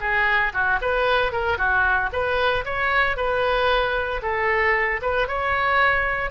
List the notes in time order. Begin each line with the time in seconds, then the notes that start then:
0.00 G#4
0.53 F#4
0.81 B4
1.32 A#4
1.57 F#4
2.12 B4
2.65 C#5
3.17 B4
4.22 A4
5.01 B4
5.28 C#5